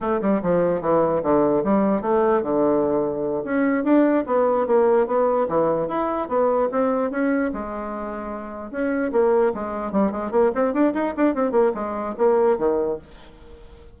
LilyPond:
\new Staff \with { instrumentName = "bassoon" } { \time 4/4 \tempo 4 = 148 a8 g8 f4 e4 d4 | g4 a4 d2~ | d8 cis'4 d'4 b4 ais8~ | ais8 b4 e4 e'4 b8~ |
b8 c'4 cis'4 gis4.~ | gis4. cis'4 ais4 gis8~ | gis8 g8 gis8 ais8 c'8 d'8 dis'8 d'8 | c'8 ais8 gis4 ais4 dis4 | }